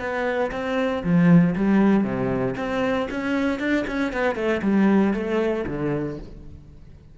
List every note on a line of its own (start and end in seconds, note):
0.00 0.51 B3
0.52 1.03 C4
1.04 1.55 F3
1.56 2.04 G3
2.04 2.55 C3
2.57 3.09 C4
3.11 3.60 C#4
3.60 3.85 D4
3.88 4.13 C#4
4.13 4.36 B3
4.36 4.62 A3
4.62 5.14 G3
5.14 5.65 A3
5.67 6.18 D3